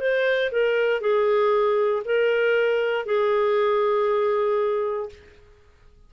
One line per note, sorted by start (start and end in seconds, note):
0.00 0.51 C5
0.52 1.01 A#4
1.01 2.03 G#4
2.05 3.06 A#4
3.06 5.09 G#4